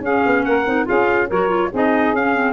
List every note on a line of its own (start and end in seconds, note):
0.00 0.21 C#4
0.00 0.66 C#4
0.00 0.45 G#4
0.00 0.44 F5
0.26 0.45 B3
0.44 0.66 A#3
0.44 0.86 A#4
0.44 0.87 F#5
0.66 0.87 C4
0.66 0.85 D#4
0.85 1.30 C#4
0.85 1.27 F4
0.85 1.28 G#4
0.85 1.30 F5
1.28 1.73 F#3
1.28 1.48 F#4
1.28 1.70 A#4
1.28 1.73 C#5
1.48 1.69 F4
1.72 2.13 C4
1.72 2.16 D#4
1.72 2.53 G#4
1.72 2.15 D#5
2.13 2.53 C#4
2.13 2.35 C#4
2.13 2.53 F5
2.35 2.53 C4